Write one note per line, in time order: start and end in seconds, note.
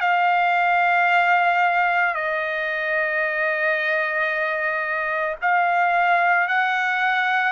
0.00 2.14 F5
2.14 5.36 D#5
5.42 6.48 F5
6.48 7.52 F#5